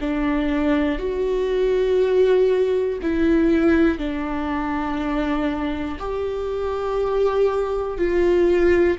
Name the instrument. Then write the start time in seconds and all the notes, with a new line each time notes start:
viola
0.00 D4
0.99 F#4
3.02 E4
3.98 D4
5.99 G4
7.98 F4